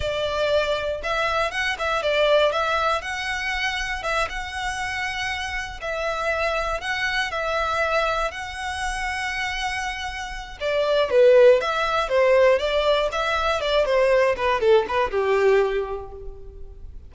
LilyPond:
\new Staff \with { instrumentName = "violin" } { \time 4/4 \tempo 4 = 119 d''2 e''4 fis''8 e''8 | d''4 e''4 fis''2 | e''8 fis''2. e''8~ | e''4. fis''4 e''4.~ |
e''8 fis''2.~ fis''8~ | fis''4 d''4 b'4 e''4 | c''4 d''4 e''4 d''8 c''8~ | c''8 b'8 a'8 b'8 g'2 | }